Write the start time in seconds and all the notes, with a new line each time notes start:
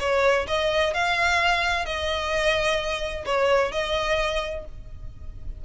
0.00 C#5
0.48 D#5
0.94 F5
1.86 D#5
3.26 C#5
3.72 D#5